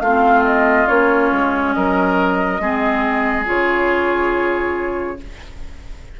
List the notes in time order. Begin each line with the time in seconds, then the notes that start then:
0.00 A3 C4 F4 F5
0.44 D#5
0.87 A#3 C#4 C#5
1.32 G#3
1.73 F#3 A#4 D#5
2.59 G#3 C4 G#4
3.45 C#3 F4 C#5